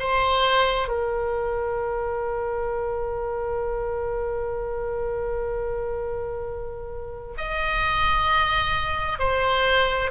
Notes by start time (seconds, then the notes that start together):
0.00 C5
0.89 A#4
7.38 D#5
9.19 C5